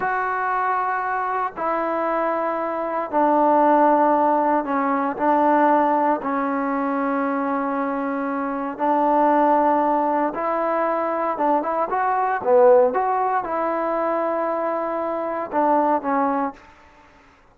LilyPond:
\new Staff \with { instrumentName = "trombone" } { \time 4/4 \tempo 4 = 116 fis'2. e'4~ | e'2 d'2~ | d'4 cis'4 d'2 | cis'1~ |
cis'4 d'2. | e'2 d'8 e'8 fis'4 | b4 fis'4 e'2~ | e'2 d'4 cis'4 | }